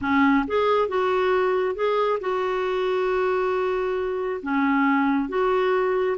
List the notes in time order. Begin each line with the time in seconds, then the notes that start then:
0.01 C#4
0.47 G#4
0.88 F#4
1.75 G#4
2.20 F#4
4.42 C#4
5.29 F#4